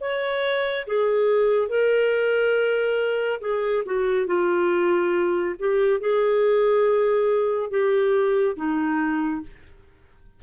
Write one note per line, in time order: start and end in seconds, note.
0.00 0.86 C#5
0.86 1.69 G#4
1.69 3.40 A#4
3.41 3.83 G#4
3.85 4.27 F#4
4.27 5.55 F4
5.59 6.00 G4
6.00 7.70 G#4
7.70 8.56 G4
8.56 9.42 D#4